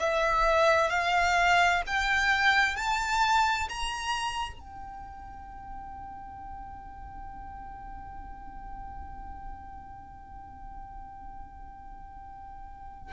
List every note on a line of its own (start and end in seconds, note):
0.00 0.90 E5
0.90 1.83 F5
1.87 2.77 G5
2.77 3.69 A5
3.70 4.60 A#5
4.60 13.14 G5